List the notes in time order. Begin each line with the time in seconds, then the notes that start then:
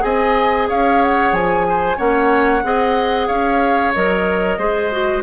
0.00 C4 G#4 D#5 G#5
0.69 C#4 C#5 F5
1.02 F#5
1.32 F3 G#5
1.69 C5
1.96 A#3 C#4 C#5 F#5
2.64 C4 G#4 D#5
3.28 C#4 C#5 F5
3.94 F#3 A#4 D#5
4.58 G#3 G#4 C5
4.92 F#4